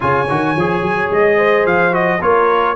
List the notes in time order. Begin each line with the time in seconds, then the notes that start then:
0.00 C#3 F4 C#5 G#5
0.29 D#3 F#4
0.56 F3 G#4
0.81 F#3
1.11 G#3 D#5
1.37 C5
1.65 F3 F5
1.91 F#4 D#5
2.21 A#3 F4 A#4 C#5